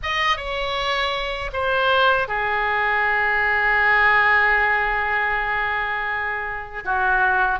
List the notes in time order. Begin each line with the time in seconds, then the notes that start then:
0.02 D#5
0.37 C#5
1.53 C5
2.28 G#4
6.85 F#4